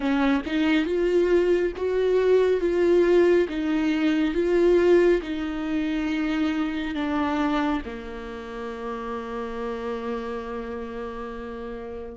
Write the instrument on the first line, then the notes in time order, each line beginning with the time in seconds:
viola
0.00 C#4
0.45 D#4
0.85 F4
1.76 F#4
2.60 F4
3.48 D#4
4.34 F4
5.22 D#4
6.94 D4
7.85 A#3